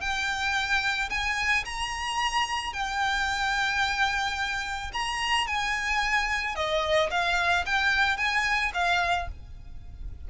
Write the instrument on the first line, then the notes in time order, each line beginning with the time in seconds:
violin
0.00 G5
1.09 G#5
1.65 A#5
2.73 G5
4.93 A#5
5.46 G#5
6.55 D#5
7.10 F5
7.66 G5
8.17 G#5
8.73 F5